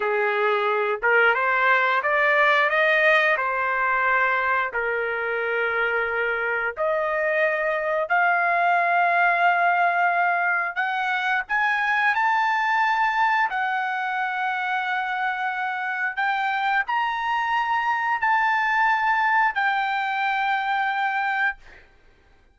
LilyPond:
\new Staff \with { instrumentName = "trumpet" } { \time 4/4 \tempo 4 = 89 gis'4. ais'8 c''4 d''4 | dis''4 c''2 ais'4~ | ais'2 dis''2 | f''1 |
fis''4 gis''4 a''2 | fis''1 | g''4 ais''2 a''4~ | a''4 g''2. | }